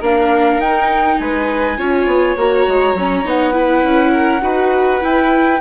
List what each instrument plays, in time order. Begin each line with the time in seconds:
0.00 bassoon A#3, viola D4, violin A#4, flute F5
0.58 bassoon D#4, viola D#4, flute G5
1.18 bassoon G#3, violin B4, flute G#5
1.78 bassoon C#4, viola F4, violin C#5
2.06 bassoon B3
2.37 bassoon A#3, viola F#4, flute A#5
2.68 bassoon G#3
2.94 bassoon F#3, viola C#4
3.25 bassoon B3, viola D#4, flute F#5
3.53 viola E4, violin B4
3.83 bassoon C#4
4.13 violin A#4
4.42 bassoon D#4, viola F#4, violin B4
5.01 viola E4, bassoon E4, flute G5